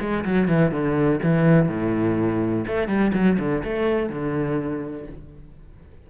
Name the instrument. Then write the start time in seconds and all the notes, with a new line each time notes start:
cello
0.00 G#3
0.24 F#3
0.48 E3
0.71 D3
1.23 E3
1.69 A2
2.67 A3
2.87 G3
3.14 F#3
3.39 D3
3.64 A3
4.09 D3